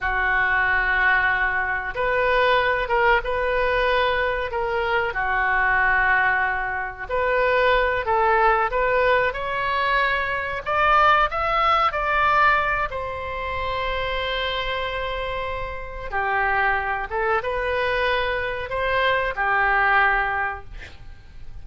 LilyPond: \new Staff \with { instrumentName = "oboe" } { \time 4/4 \tempo 4 = 93 fis'2. b'4~ | b'8 ais'8 b'2 ais'4 | fis'2. b'4~ | b'8 a'4 b'4 cis''4.~ |
cis''8 d''4 e''4 d''4. | c''1~ | c''4 g'4. a'8 b'4~ | b'4 c''4 g'2 | }